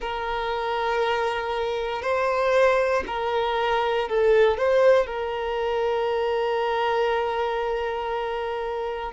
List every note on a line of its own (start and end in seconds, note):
0.00 2.02 A#4
2.02 3.03 C5
3.06 4.08 A#4
4.08 4.57 A4
4.57 5.06 C5
5.06 9.12 A#4